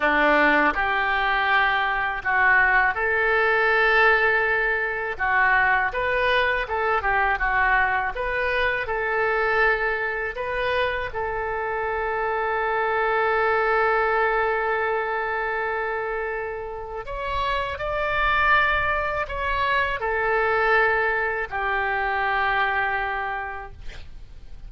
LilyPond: \new Staff \with { instrumentName = "oboe" } { \time 4/4 \tempo 4 = 81 d'4 g'2 fis'4 | a'2. fis'4 | b'4 a'8 g'8 fis'4 b'4 | a'2 b'4 a'4~ |
a'1~ | a'2. cis''4 | d''2 cis''4 a'4~ | a'4 g'2. | }